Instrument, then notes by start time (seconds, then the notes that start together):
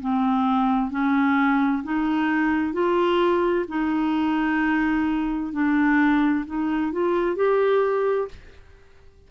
clarinet
0.00 C4
0.91 C#4
1.83 D#4
2.73 F4
3.68 D#4
5.52 D4
6.46 D#4
6.92 F4
7.36 G4